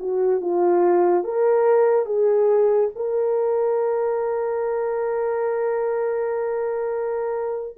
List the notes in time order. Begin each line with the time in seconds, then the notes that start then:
0.00 F#4
0.41 F4
1.24 A#4
2.06 G#4
2.96 A#4